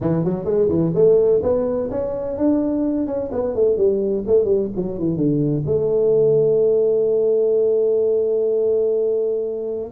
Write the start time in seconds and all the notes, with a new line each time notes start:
0.01 E3
0.24 F#3
0.44 G#3
0.69 E3
0.94 A3
1.42 B3
1.90 C#4
2.37 D4
3.06 C#4
3.32 B3
3.55 A3
3.77 G3
4.26 A3
4.44 G3
4.76 F#3
4.98 E3
5.16 D3
5.66 A3